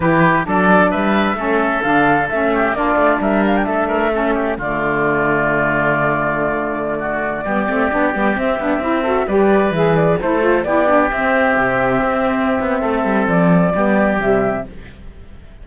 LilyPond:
<<
  \new Staff \with { instrumentName = "flute" } { \time 4/4 \tempo 4 = 131 b'4 d''4 e''2 | f''4 e''4 d''4 e''8 f''16 g''16 | e''2 d''2~ | d''1~ |
d''2~ d''16 e''4.~ e''16~ | e''16 d''4 e''8 d''8 c''4 d''8.~ | d''16 e''2.~ e''8.~ | e''4 d''2 e''4 | }
  \new Staff \with { instrumentName = "oboe" } { \time 4/4 g'4 a'4 b'4 a'4~ | a'4. g'8 f'4 ais'4 | a'8 ais'8 a'8 g'8 f'2~ | f'2.~ f'16 fis'8.~ |
fis'16 g'2.~ g'8 a'16~ | a'16 b'2 a'4 g'8.~ | g'1 | a'2 g'2 | }
  \new Staff \with { instrumentName = "saxophone" } { \time 4/4 e'4 d'2 cis'4 | d'4 cis'4 d'2~ | d'4 cis'4 a2~ | a1~ |
a16 b8 c'8 d'8 b8 c'8 d'8 e'8 fis'16~ | fis'16 g'4 gis'4 e'8 f'8 e'8 d'16~ | d'16 c'2.~ c'8.~ | c'2 b4 g4 | }
  \new Staff \with { instrumentName = "cello" } { \time 4/4 e4 fis4 g4 a4 | d4 a4 ais8 a8 g4 | a2 d2~ | d1~ |
d16 g8 a8 b8 g8 c'8 b8 c'8.~ | c'16 g4 e4 a4 b8.~ | b16 c'4 c4 c'4~ c'16 b8 | a8 g8 f4 g4 c4 | }
>>